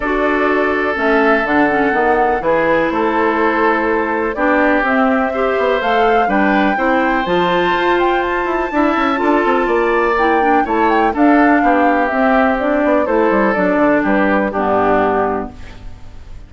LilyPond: <<
  \new Staff \with { instrumentName = "flute" } { \time 4/4 \tempo 4 = 124 d''2 e''4 fis''4~ | fis''4 b'4 c''2~ | c''4 d''4 e''2 | f''4 g''2 a''4~ |
a''8 g''8 a''2.~ | a''4 g''4 a''8 g''8 f''4~ | f''4 e''4 d''4 c''4 | d''4 b'4 g'2 | }
  \new Staff \with { instrumentName = "oboe" } { \time 4/4 a'1~ | a'4 gis'4 a'2~ | a'4 g'2 c''4~ | c''4 b'4 c''2~ |
c''2 e''4 a'4 | d''2 cis''4 a'4 | g'2. a'4~ | a'4 g'4 d'2 | }
  \new Staff \with { instrumentName = "clarinet" } { \time 4/4 fis'2 cis'4 d'8 cis'8 | b4 e'2.~ | e'4 d'4 c'4 g'4 | a'4 d'4 e'4 f'4~ |
f'2 e'4 f'4~ | f'4 e'8 d'8 e'4 d'4~ | d'4 c'4 d'4 e'4 | d'2 b2 | }
  \new Staff \with { instrumentName = "bassoon" } { \time 4/4 d'2 a4 d4 | dis4 e4 a2~ | a4 b4 c'4. b8 | a4 g4 c'4 f4 |
f'4. e'8 d'8 cis'8 d'8 c'8 | ais2 a4 d'4 | b4 c'4. b8 a8 g8 | fis8 d8 g4 g,2 | }
>>